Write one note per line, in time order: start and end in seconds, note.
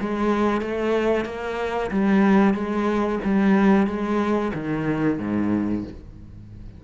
0.00 0.61 G#3
0.61 1.25 A3
1.25 1.90 A#3
1.91 2.54 G3
2.54 3.19 G#3
3.24 3.87 G3
3.87 4.52 G#3
4.54 5.19 D#3
5.19 5.84 G#2